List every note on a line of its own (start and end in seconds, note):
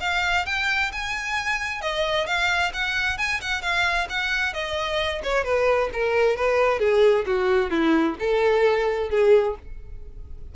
0.00 0.45 F5
0.46 0.91 G5
0.92 1.81 G#5
1.81 2.26 D#5
2.26 2.72 F5
2.73 3.18 F#5
3.18 3.40 G#5
3.41 3.62 F#5
3.62 4.07 F5
4.09 4.53 F#5
4.53 5.21 D#5
5.23 5.44 C#5
5.44 5.90 B4
5.93 6.36 A#4
6.36 6.79 B4
6.79 7.25 G#4
7.26 7.70 F#4
7.70 8.15 E4
8.19 9.10 A4
9.10 9.55 G#4